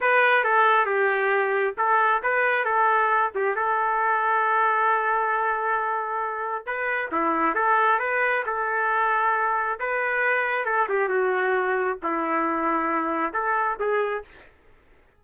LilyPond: \new Staff \with { instrumentName = "trumpet" } { \time 4/4 \tempo 4 = 135 b'4 a'4 g'2 | a'4 b'4 a'4. g'8 | a'1~ | a'2. b'4 |
e'4 a'4 b'4 a'4~ | a'2 b'2 | a'8 g'8 fis'2 e'4~ | e'2 a'4 gis'4 | }